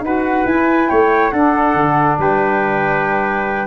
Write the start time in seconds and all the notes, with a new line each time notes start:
0.00 D#4 F#4 B4 F#5
0.45 E4 G#5
0.89 A3 C#5 G5
1.30 D4 A4 F#5
1.74 D3
2.18 G3 B4 G5